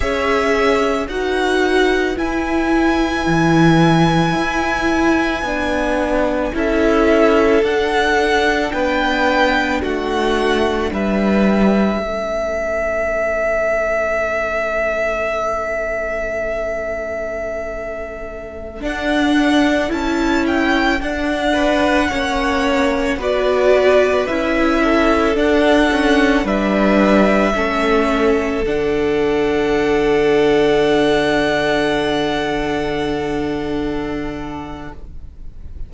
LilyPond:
<<
  \new Staff \with { instrumentName = "violin" } { \time 4/4 \tempo 4 = 55 e''4 fis''4 gis''2~ | gis''2 e''4 fis''4 | g''4 fis''4 e''2~ | e''1~ |
e''4~ e''16 fis''4 a''8 g''8 fis''8.~ | fis''4~ fis''16 d''4 e''4 fis''8.~ | fis''16 e''2 fis''4.~ fis''16~ | fis''1 | }
  \new Staff \with { instrumentName = "violin" } { \time 4/4 cis''4 b'2.~ | b'2 a'2 | b'4 fis'4 b'4 a'4~ | a'1~ |
a'2.~ a'8. b'16~ | b'16 cis''4 b'4. a'4~ a'16~ | a'16 b'4 a'2~ a'8.~ | a'1 | }
  \new Staff \with { instrumentName = "viola" } { \time 4/4 gis'4 fis'4 e'2~ | e'4 d'4 e'4 d'4~ | d'2. cis'4~ | cis'1~ |
cis'4~ cis'16 d'4 e'4 d'8.~ | d'16 cis'4 fis'4 e'4 d'8 cis'16~ | cis'16 d'4 cis'4 d'4.~ d'16~ | d'1 | }
  \new Staff \with { instrumentName = "cello" } { \time 4/4 cis'4 dis'4 e'4 e4 | e'4 b4 cis'4 d'4 | b4 a4 g4 a4~ | a1~ |
a4~ a16 d'4 cis'4 d'8.~ | d'16 ais4 b4 cis'4 d'8.~ | d'16 g4 a4 d4.~ d16~ | d1 | }
>>